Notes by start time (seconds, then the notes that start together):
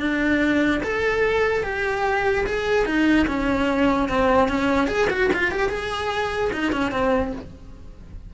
0.00 D4
0.83 A4
1.63 G4
2.47 G#4
2.86 D#4
3.28 C#4
4.09 C4
4.49 C#4
4.88 G#4
5.10 F#4
5.34 F4
5.52 G4
5.70 G#4
6.53 D#4
6.73 C#4
6.92 C4